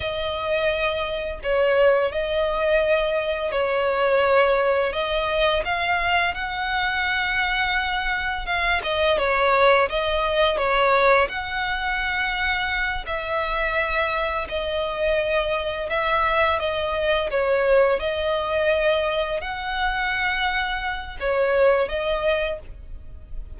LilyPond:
\new Staff \with { instrumentName = "violin" } { \time 4/4 \tempo 4 = 85 dis''2 cis''4 dis''4~ | dis''4 cis''2 dis''4 | f''4 fis''2. | f''8 dis''8 cis''4 dis''4 cis''4 |
fis''2~ fis''8 e''4.~ | e''8 dis''2 e''4 dis''8~ | dis''8 cis''4 dis''2 fis''8~ | fis''2 cis''4 dis''4 | }